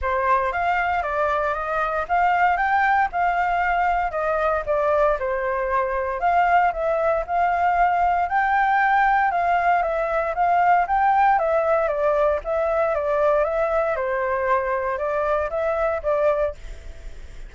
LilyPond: \new Staff \with { instrumentName = "flute" } { \time 4/4 \tempo 4 = 116 c''4 f''4 d''4 dis''4 | f''4 g''4 f''2 | dis''4 d''4 c''2 | f''4 e''4 f''2 |
g''2 f''4 e''4 | f''4 g''4 e''4 d''4 | e''4 d''4 e''4 c''4~ | c''4 d''4 e''4 d''4 | }